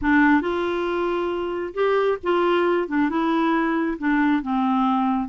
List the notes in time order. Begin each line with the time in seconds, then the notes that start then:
0.01 D4
0.41 F4
1.73 G4
2.23 F4
2.88 D4
3.09 E4
3.98 D4
4.42 C4